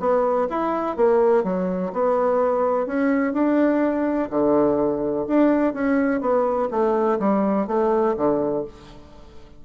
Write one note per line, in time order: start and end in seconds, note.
0.00 0.48 B3
0.50 0.97 E4
0.97 1.44 A#3
1.44 1.92 F#3
1.93 2.87 B3
2.87 3.34 C#4
3.34 4.30 D4
4.30 5.26 D3
5.28 5.74 D4
5.74 6.22 C#4
6.22 6.70 B3
6.71 7.19 A3
7.20 7.68 G3
7.68 8.16 A3
8.17 8.65 D3